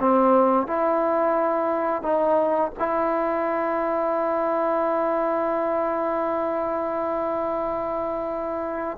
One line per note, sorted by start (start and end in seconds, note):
0.00 0.67 C4
0.67 2.03 E4
2.03 2.72 D#4
2.79 8.98 E4